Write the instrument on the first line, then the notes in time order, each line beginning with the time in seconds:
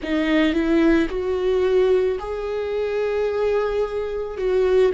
viola
0.02 D#4
0.53 E4
1.09 F#4
2.19 G#4
4.37 F#4